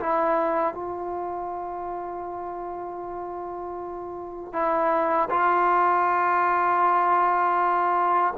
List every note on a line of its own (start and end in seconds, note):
0.00 0.74 E4
0.74 4.53 F4
4.53 5.29 E4
5.31 8.34 F4